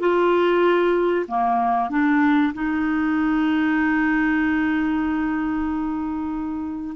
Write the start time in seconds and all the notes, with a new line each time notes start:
0.00 F4
1.28 A#3
1.90 D4
2.54 D#4